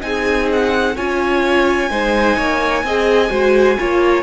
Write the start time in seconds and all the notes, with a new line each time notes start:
0.00 C4 D#4 G#4 G#5
0.52 F#5
0.95 C#4 F4 C#5 G#5
1.90 G#3 D#4 C5
2.36 A#3 C#5
2.83 C4 G#4 D#5
3.29 G#3 F#4 C5
3.78 A#3 F4 C#5